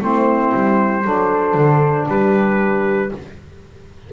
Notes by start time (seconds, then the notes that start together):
0.00 A3 C4 E4 C5
0.53 G3
1.03 F#3 D4 A4
1.54 D3
2.08 G3 G4 B4